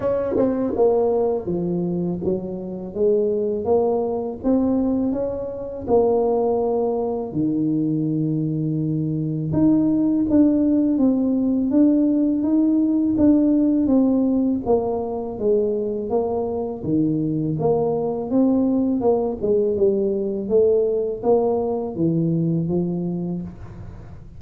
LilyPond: \new Staff \with { instrumentName = "tuba" } { \time 4/4 \tempo 4 = 82 cis'8 c'8 ais4 f4 fis4 | gis4 ais4 c'4 cis'4 | ais2 dis2~ | dis4 dis'4 d'4 c'4 |
d'4 dis'4 d'4 c'4 | ais4 gis4 ais4 dis4 | ais4 c'4 ais8 gis8 g4 | a4 ais4 e4 f4 | }